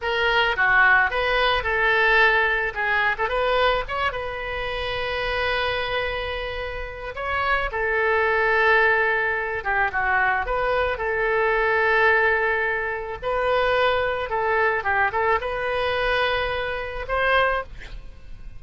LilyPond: \new Staff \with { instrumentName = "oboe" } { \time 4/4 \tempo 4 = 109 ais'4 fis'4 b'4 a'4~ | a'4 gis'8. a'16 b'4 cis''8 b'8~ | b'1~ | b'4 cis''4 a'2~ |
a'4. g'8 fis'4 b'4 | a'1 | b'2 a'4 g'8 a'8 | b'2. c''4 | }